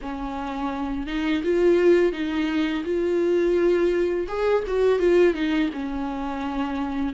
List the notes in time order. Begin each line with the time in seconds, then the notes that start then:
0.01 C#4
1.06 D#4
1.43 F4
2.12 D#4
2.84 F4
4.28 G#4
4.67 F#4
4.99 F4
5.34 D#4
5.73 C#4